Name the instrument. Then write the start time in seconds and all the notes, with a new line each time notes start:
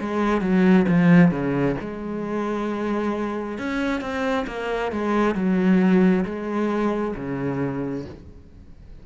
cello
0.00 G#3
0.41 F#3
0.88 F3
1.31 C#3
1.80 G#3
3.58 C#4
4.01 C4
4.47 A#3
4.91 G#3
5.34 F#3
6.25 G#3
7.15 C#3